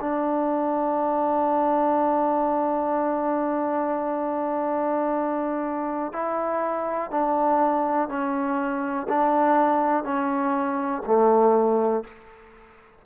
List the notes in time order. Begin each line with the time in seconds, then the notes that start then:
0.00 D4
6.13 E4
7.10 D4
8.08 C#4
9.08 D4
10.04 C#4
11.06 A3